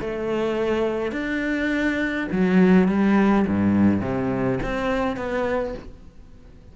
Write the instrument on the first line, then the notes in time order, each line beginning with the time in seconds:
cello
0.00 A3
1.12 D4
2.32 F#3
2.88 G3
3.47 G2
4.01 C3
4.63 C4
5.16 B3